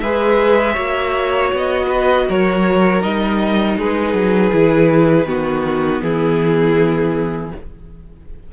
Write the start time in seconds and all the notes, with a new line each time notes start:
0.00 G#3 G#4 B4 E5
0.73 A#3 F#4 C#5
1.53 B3 D#5
1.88 B4
2.29 F#3 A#4 C#5
3.00 G3 D#4 D#5
3.78 G#3 G#4 B4
4.13 F#3
4.52 E3 E4
5.25 D#3 B3 F#4
6.02 E3 E4 G#4